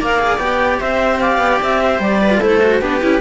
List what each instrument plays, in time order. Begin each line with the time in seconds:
0.00 cello A#3 A#4, viola D5, clarinet F5
0.20 cello G#4
0.38 cello B3 G4, clarinet G5
0.80 cello C4, viola C5, clarinet E5
1.20 viola D5, clarinet F5
1.39 cello B3
1.62 cello C4, clarinet E5
1.83 viola C5
2.00 cello G3, clarinet D5
2.23 viola B4
2.31 cello F4
2.38 cello A3 E4, viola A4, clarinet C5
2.63 cello F#4
2.82 cello B3 G4, viola D4, clarinet B4
3.02 cello C#4, viola E4